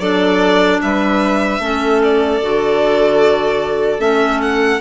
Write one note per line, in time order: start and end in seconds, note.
0.00 0.80 F#3
0.00 1.61 D4
0.00 0.81 A4
0.00 0.80 D5
0.82 1.60 G3
0.82 1.61 B4
0.82 2.02 E5
1.60 2.40 A3
1.60 2.42 C#4
1.60 4.81 A4
2.03 4.00 D5
2.42 3.99 D3
2.42 4.00 F#4
3.99 4.79 A3
3.99 4.80 C#4
3.99 4.41 E5
4.42 4.81 F#5